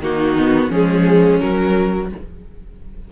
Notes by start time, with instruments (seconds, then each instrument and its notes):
0.00 cello D#3, viola A#3, violin D#4 F#4
0.38 viola B3
0.69 cello F3, viola G#3, violin C#4 G#4
1.40 viola F#3, cello F#3, violin A#4